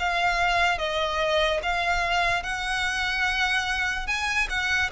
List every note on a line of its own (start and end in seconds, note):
0.00 0.79 F5
0.79 1.61 D#5
1.63 2.44 F5
2.44 4.07 F#5
4.07 4.48 G#5
4.50 4.91 F#5